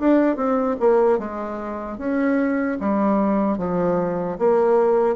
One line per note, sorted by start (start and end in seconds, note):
0.00 0.36 D4
0.36 0.76 C4
0.80 1.19 A#3
1.19 1.98 G#3
1.98 2.78 C#4
2.80 3.58 G3
3.58 4.38 F3
4.39 5.16 A#3